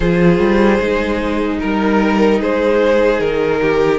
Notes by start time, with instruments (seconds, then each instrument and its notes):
0.00 cello F3, viola F4, violin G#4 C5
0.39 cello G3
0.80 cello G#3, viola D#4
1.59 cello G3, violin A#4
2.40 cello G#3, violin G#4 C5
3.20 cello D#3, violin A#4
3.61 violin G4